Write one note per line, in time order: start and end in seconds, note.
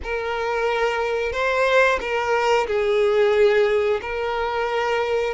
0.03 1.32 A#4
1.32 1.99 C5
2.00 2.67 A#4
2.67 4.00 G#4
4.01 5.33 A#4